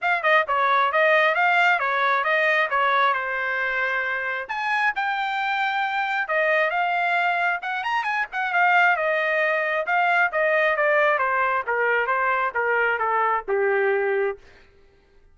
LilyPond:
\new Staff \with { instrumentName = "trumpet" } { \time 4/4 \tempo 4 = 134 f''8 dis''8 cis''4 dis''4 f''4 | cis''4 dis''4 cis''4 c''4~ | c''2 gis''4 g''4~ | g''2 dis''4 f''4~ |
f''4 fis''8 ais''8 gis''8 fis''8 f''4 | dis''2 f''4 dis''4 | d''4 c''4 ais'4 c''4 | ais'4 a'4 g'2 | }